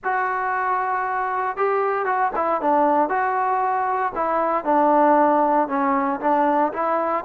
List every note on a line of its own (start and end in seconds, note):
0.04 1.57 F#4
1.57 2.05 G4
2.05 2.31 F#4
2.35 2.61 E4
2.61 3.09 D4
3.09 4.12 F#4
4.15 4.64 E4
4.64 5.68 D4
5.68 6.20 C#4
6.20 6.72 D4
6.72 7.24 E4